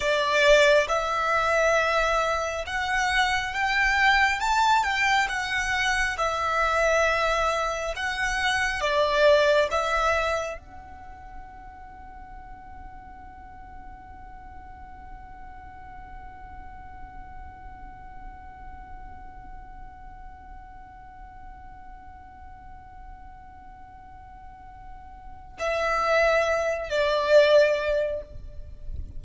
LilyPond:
\new Staff \with { instrumentName = "violin" } { \time 4/4 \tempo 4 = 68 d''4 e''2 fis''4 | g''4 a''8 g''8 fis''4 e''4~ | e''4 fis''4 d''4 e''4 | fis''1~ |
fis''1~ | fis''1~ | fis''1~ | fis''4 e''4. d''4. | }